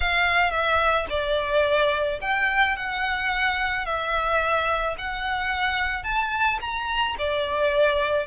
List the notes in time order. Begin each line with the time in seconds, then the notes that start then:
0.00 F5
0.51 E5
1.09 D5
2.21 G5
2.76 F#5
3.85 E5
4.98 F#5
6.03 A5
6.60 A#5
7.18 D5